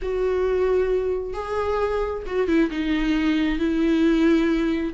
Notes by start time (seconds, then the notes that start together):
0.01 F#4
1.33 G#4
2.26 F#4
2.47 E4
2.70 D#4
3.58 E4